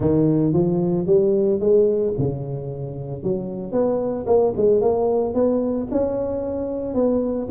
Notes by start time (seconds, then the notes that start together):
0.00 D#3
0.53 F3
1.06 G3
1.59 G#3
2.18 C#3
3.23 F#3
3.72 B3
4.26 A#3
4.57 G#3
4.81 A#3
5.34 B3
5.91 C#4
6.94 B3